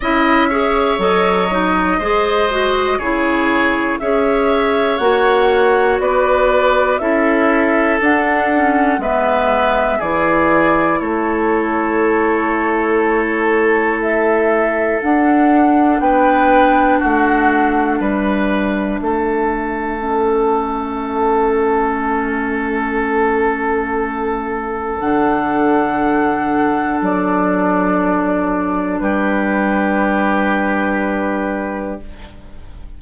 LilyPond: <<
  \new Staff \with { instrumentName = "flute" } { \time 4/4 \tempo 4 = 60 e''4 dis''2 cis''4 | e''4 fis''4 d''4 e''4 | fis''4 e''4 d''4 cis''4~ | cis''2 e''4 fis''4 |
g''4 fis''4 e''2~ | e''1~ | e''4 fis''2 d''4~ | d''4 b'2. | }
  \new Staff \with { instrumentName = "oboe" } { \time 4/4 dis''8 cis''4. c''4 gis'4 | cis''2 b'4 a'4~ | a'4 b'4 gis'4 a'4~ | a'1 |
b'4 fis'4 b'4 a'4~ | a'1~ | a'1~ | a'4 g'2. | }
  \new Staff \with { instrumentName = "clarinet" } { \time 4/4 e'8 gis'8 a'8 dis'8 gis'8 fis'8 e'4 | gis'4 fis'2 e'4 | d'8 cis'8 b4 e'2~ | e'2. d'4~ |
d'1 | cis'1~ | cis'4 d'2.~ | d'1 | }
  \new Staff \with { instrumentName = "bassoon" } { \time 4/4 cis'4 fis4 gis4 cis4 | cis'4 ais4 b4 cis'4 | d'4 gis4 e4 a4~ | a2. d'4 |
b4 a4 g4 a4~ | a1~ | a4 d2 fis4~ | fis4 g2. | }
>>